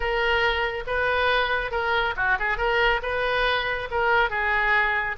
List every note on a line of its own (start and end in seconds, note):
0.00 0.84 A#4
0.86 1.71 B4
1.71 2.14 A#4
2.16 2.38 F#4
2.39 2.57 G#4
2.57 3.01 A#4
3.02 3.88 B4
3.90 4.30 A#4
4.30 5.16 G#4